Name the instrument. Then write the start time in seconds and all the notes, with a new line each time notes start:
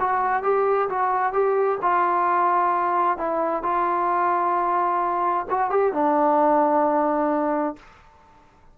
trombone
0.00 F#4
0.43 G4
0.89 F#4
1.33 G4
1.82 F4
3.18 E4
3.63 F4
5.50 F#4
5.70 G4
5.93 D4